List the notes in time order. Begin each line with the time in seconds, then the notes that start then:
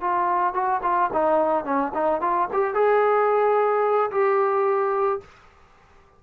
0.00 F4
0.53 F#4
0.82 F4
1.13 D#4
1.64 C#4
1.94 D#4
2.21 F4
2.53 G4
2.74 G#4
4.11 G4